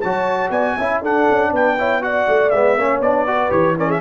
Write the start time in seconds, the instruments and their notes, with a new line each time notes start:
0.00 tuba F#3, trombone F#4, horn C#5, trumpet A5
0.50 tuba B3, horn D5, trumpet G#5
0.77 tuba C#4, trombone E4, horn E5
1.01 tuba D4, trombone D4, horn A4, trumpet F#5
1.30 tuba C#4
1.50 tuba B3, horn B4, trumpet G5
1.78 trombone E4, horn C#5
2.01 trombone F#4, horn D5, trumpet F#5
2.28 tuba A3
2.50 tuba G#3, trombone B3, trumpet E5
2.77 tuba A#3, trombone C#4, horn C#5
3.00 tuba B3, trombone D4, trumpet D5
3.27 trombone F#4, horn B4
3.49 tuba E3, trombone G4, trumpet C#5
3.77 trombone C#4, horn A#4, trumpet D5
3.87 horn G#4, trumpet E5